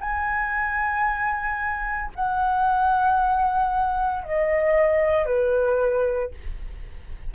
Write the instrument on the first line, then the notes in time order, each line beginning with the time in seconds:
flute
0.00 G#5
2.15 F#5
4.23 D#5
5.25 B4